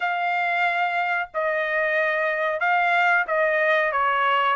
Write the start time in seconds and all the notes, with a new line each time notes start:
0.00 F5
1.34 D#5
2.59 F5
3.27 D#5
3.92 C#5